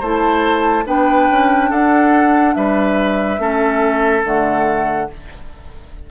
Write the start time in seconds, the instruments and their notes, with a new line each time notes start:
0.00 bassoon A3, clarinet E4, oboe C5, flute A5
0.85 bassoon B3, clarinet D4, oboe B4, flute G5
1.31 bassoon C#4
1.70 bassoon D4, oboe A4, flute F#5
2.55 bassoon G3, oboe B4, flute E5
3.39 bassoon A3, clarinet C#4, oboe A4
4.24 bassoon D3, clarinet A3, flute F#5